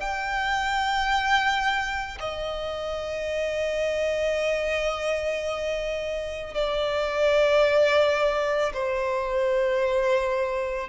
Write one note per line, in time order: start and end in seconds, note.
0.00 2.18 G5
2.19 6.54 D#5
6.54 8.72 D5
8.73 10.89 C5